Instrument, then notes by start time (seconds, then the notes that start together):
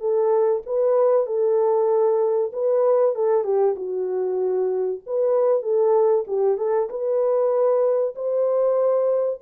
horn
0.00 A4
0.66 B4
1.26 A4
2.53 B4
3.15 A4
3.44 G4
3.76 F#4
5.06 B4
5.62 A4
6.27 G4
6.58 A4
6.90 B4
8.15 C5